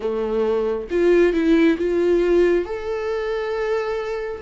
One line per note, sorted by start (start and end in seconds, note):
0.00 0.87 A3
0.90 1.33 F4
1.33 1.77 E4
1.78 2.65 F4
2.65 4.41 A4